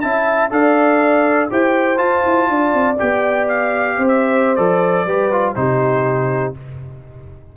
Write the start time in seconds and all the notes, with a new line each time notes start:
0.00 C#4 E4 E5 A5
0.50 D4 A4 D5 F5
1.50 E4 G4 C5 G5
1.96 F4 A5
2.25 E4
2.49 D4 D5
2.73 C4
2.98 B3 G4 G5
3.48 F5
3.96 C4 C5
4.08 E5
4.55 F3 A4 D5
5.06 G3 G4 B4
5.31 F4
5.55 C3 D#4 G4 C5